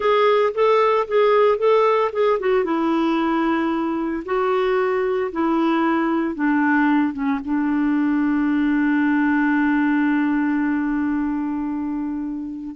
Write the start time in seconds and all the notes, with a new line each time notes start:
0.00 G#4
0.54 A4
1.07 G#4
1.58 A4
2.12 G#4
2.39 F#4
2.64 E4
4.25 F#4
5.32 E4
6.34 D4
7.13 C#4
7.44 D4